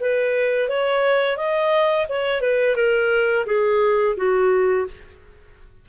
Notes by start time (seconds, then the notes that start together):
0.00 B4
0.69 C#5
1.37 D#5
2.09 C#5
2.41 B4
2.76 A#4
3.46 G#4
4.17 F#4